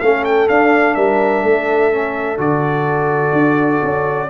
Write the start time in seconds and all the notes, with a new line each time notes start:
0.00 A3 C#4 A4 F5
0.24 G5
0.48 D4 F5
0.94 G3 A#4 E5
1.43 A3 A4
1.91 C#4
2.37 D3 F#4 D5
3.32 D4
3.83 C#4